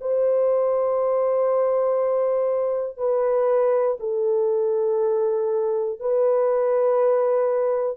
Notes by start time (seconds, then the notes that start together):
0.00 C5
2.97 B4
3.99 A4
6.00 B4